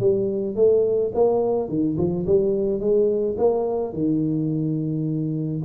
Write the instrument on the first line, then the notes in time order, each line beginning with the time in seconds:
tuba
0.00 G3
0.56 A3
1.14 A#3
1.68 D#3
1.97 F3
2.26 G3
2.80 G#3
3.38 A#3
3.93 D#3